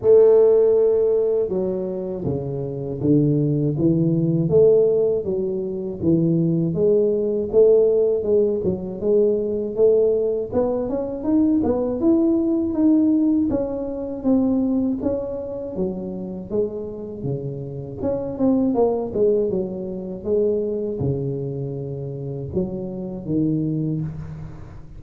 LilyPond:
\new Staff \with { instrumentName = "tuba" } { \time 4/4 \tempo 4 = 80 a2 fis4 cis4 | d4 e4 a4 fis4 | e4 gis4 a4 gis8 fis8 | gis4 a4 b8 cis'8 dis'8 b8 |
e'4 dis'4 cis'4 c'4 | cis'4 fis4 gis4 cis4 | cis'8 c'8 ais8 gis8 fis4 gis4 | cis2 fis4 dis4 | }